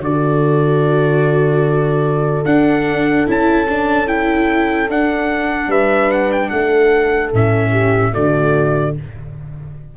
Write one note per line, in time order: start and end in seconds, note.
0.00 2.43 D3
0.00 2.45 F#4
0.00 5.68 A4
0.00 2.45 D5
2.45 3.26 D4
2.45 3.27 D4
2.45 3.26 F#5
3.27 4.89 C#4
3.27 3.67 E4
3.27 4.08 A5
3.68 4.07 D4
4.07 4.88 E4
4.07 4.89 G5
4.89 5.68 D4
4.89 7.34 D4
4.89 5.71 F#5
5.68 6.49 G3
5.68 6.49 B4
5.68 6.11 E5
6.11 6.32 F#5
6.32 6.49 G5
6.49 7.33 A3
6.49 7.71 A4
6.49 7.30 F#5
7.33 8.14 A2
7.33 8.12 C#4
7.33 8.14 E5
7.71 8.12 G4
8.12 8.97 D3
8.12 8.93 A3
8.12 8.94 F#4
8.12 8.95 D5